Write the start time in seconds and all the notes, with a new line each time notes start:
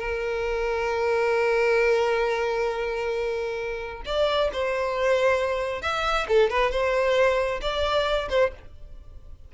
0.00 A#4
4.06 D5
4.53 C5
5.82 E5
6.29 A4
6.50 B4
6.71 C5
7.62 D5
8.30 C5